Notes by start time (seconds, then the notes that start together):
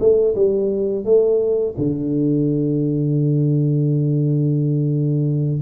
0.00 A3
0.35 G3
1.05 A3
1.78 D3